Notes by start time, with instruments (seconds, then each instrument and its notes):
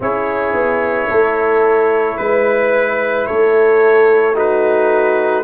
0.00 tuba C#4, trombone E4, horn G#4, trumpet C#5
0.53 tuba B3
1.09 tuba A3, horn A4
2.17 tuba G#3, trumpet B4, horn B4
3.26 tuba A3, horn A4, trumpet C#5
4.34 trombone D#4, horn F#4, trumpet B4